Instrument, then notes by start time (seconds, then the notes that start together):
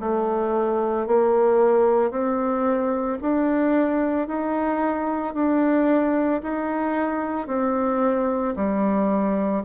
bassoon
0.00 A3
1.07 A#3
2.10 C4
3.21 D4
4.28 D#4
5.34 D4
6.43 D#4
7.47 C4
8.56 G3